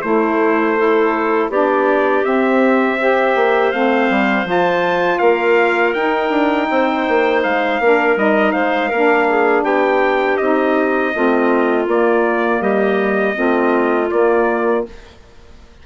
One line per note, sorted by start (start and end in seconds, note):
0.00 0.74 A3
0.00 1.49 A3
0.00 0.77 E4
0.00 1.49 C5
0.76 1.50 E4
0.76 1.50 A4
1.49 2.23 B3
1.49 2.23 D4
1.49 2.98 G4
1.49 2.24 D5
2.23 2.98 C4
2.23 3.35 C4
2.23 3.72 E5
2.99 3.72 G4
2.99 5.19 C5
3.35 3.72 A#3
3.72 4.10 A3
3.72 4.45 C4
3.72 4.46 F5
4.10 4.44 G3
4.44 5.18 F3
4.44 5.93 F4
4.50 5.19 A5
5.19 5.94 A#3
5.19 6.67 A#4
5.19 5.93 F5
5.93 6.30 D#4
5.93 7.81 D#4
5.93 7.42 G5
6.30 6.67 D4
6.70 7.07 C4
6.70 7.82 C5
7.08 7.44 A#3
7.43 7.79 G#3
7.43 8.17 F5
7.79 8.16 A#3
7.79 8.17 D4
7.79 8.53 A#4
8.16 8.53 G3
8.16 8.91 D#4
8.16 8.52 D#5
8.52 8.91 G#3
8.52 8.88 C5
8.52 9.63 F5
8.88 9.63 A#3
8.88 10.41 D4
8.88 9.25 A#4
9.29 9.64 G#4
9.63 10.37 B3
9.63 11.12 G4
9.63 10.37 G5
10.37 11.14 C4
10.37 11.14 D#4
10.37 11.85 D#5
11.14 11.87 A3
11.14 11.87 C4
11.14 12.60 F4
11.87 13.33 A#3
11.87 12.61 A#3
11.87 12.62 D5
12.60 13.35 G3
12.60 13.35 G4
12.60 14.10 D#5
13.33 14.11 A3
13.33 14.07 C4
13.33 14.85 F4
14.10 14.85 A#3
14.10 14.86 A#3
14.10 14.85 D5